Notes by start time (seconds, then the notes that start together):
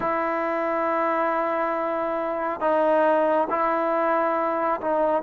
0.00 E4
2.60 D#4
3.49 E4
4.81 D#4